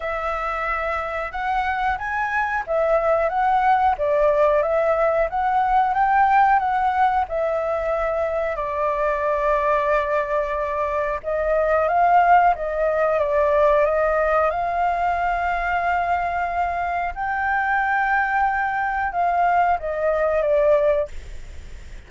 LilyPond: \new Staff \with { instrumentName = "flute" } { \time 4/4 \tempo 4 = 91 e''2 fis''4 gis''4 | e''4 fis''4 d''4 e''4 | fis''4 g''4 fis''4 e''4~ | e''4 d''2.~ |
d''4 dis''4 f''4 dis''4 | d''4 dis''4 f''2~ | f''2 g''2~ | g''4 f''4 dis''4 d''4 | }